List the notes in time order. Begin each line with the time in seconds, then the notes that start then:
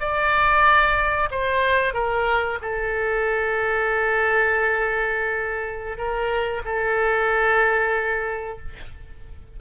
0.00 D5
1.31 C5
1.94 A#4
2.62 A4
5.97 A#4
6.65 A4